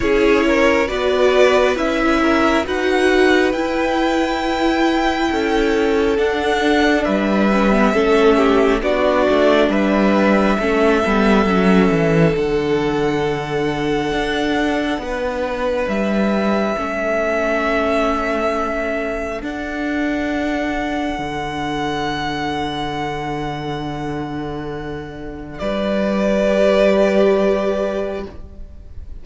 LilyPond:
<<
  \new Staff \with { instrumentName = "violin" } { \time 4/4 \tempo 4 = 68 cis''4 d''4 e''4 fis''4 | g''2. fis''4 | e''2 d''4 e''4~ | e''2 fis''2~ |
fis''2 e''2~ | e''2 fis''2~ | fis''1~ | fis''4 d''2. | }
  \new Staff \with { instrumentName = "violin" } { \time 4/4 gis'8 ais'8 b'4. ais'8 b'4~ | b'2 a'2 | b'4 a'8 g'8 fis'4 b'4 | a'1~ |
a'4 b'2 a'4~ | a'1~ | a'1~ | a'4 b'2. | }
  \new Staff \with { instrumentName = "viola" } { \time 4/4 e'4 fis'4 e'4 fis'4 | e'2. d'4~ | d'8 cis'16 b16 cis'4 d'2 | cis'8 b8 cis'4 d'2~ |
d'2. cis'4~ | cis'2 d'2~ | d'1~ | d'2 g'2 | }
  \new Staff \with { instrumentName = "cello" } { \time 4/4 cis'4 b4 cis'4 dis'4 | e'2 cis'4 d'4 | g4 a4 b8 a8 g4 | a8 g8 fis8 e8 d2 |
d'4 b4 g4 a4~ | a2 d'2 | d1~ | d4 g2. | }
>>